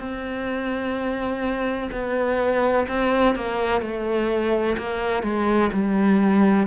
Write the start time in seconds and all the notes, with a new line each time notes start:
0.00 C4
1.92 B3
2.88 C4
3.36 A#3
3.82 A3
4.78 A#3
5.23 G#3
5.73 G3